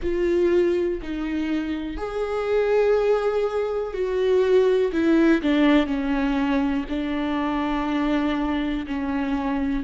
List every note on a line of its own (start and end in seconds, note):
0.02 1.01 F4
1.01 1.97 D#4
1.97 3.93 G#4
3.93 4.91 F#4
4.92 5.41 E4
5.41 5.86 D4
5.86 6.84 C#4
6.89 8.86 D4
8.86 9.83 C#4